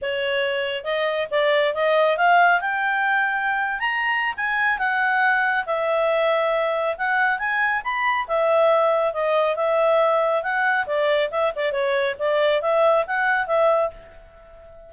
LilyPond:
\new Staff \with { instrumentName = "clarinet" } { \time 4/4 \tempo 4 = 138 cis''2 dis''4 d''4 | dis''4 f''4 g''2~ | g''8. ais''4~ ais''16 gis''4 fis''4~ | fis''4 e''2. |
fis''4 gis''4 b''4 e''4~ | e''4 dis''4 e''2 | fis''4 d''4 e''8 d''8 cis''4 | d''4 e''4 fis''4 e''4 | }